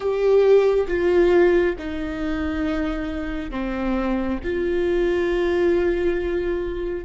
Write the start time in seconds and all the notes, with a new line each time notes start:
0.00 G4
0.87 F4
1.78 D#4
3.51 C4
4.44 F4